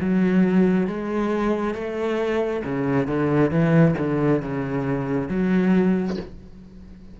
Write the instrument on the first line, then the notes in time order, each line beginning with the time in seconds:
cello
0.00 F#3
0.87 G#3
1.74 A3
2.64 C#3
3.07 D3
3.51 E3
3.98 D3
4.42 C#3
5.28 F#3